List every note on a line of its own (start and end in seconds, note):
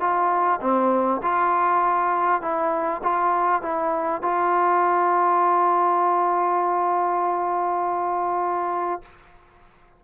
0.00 0.60 F4
0.61 1.21 C4
1.22 2.42 F4
2.42 3.02 E4
3.03 3.62 F4
3.62 4.22 E4
4.22 9.02 F4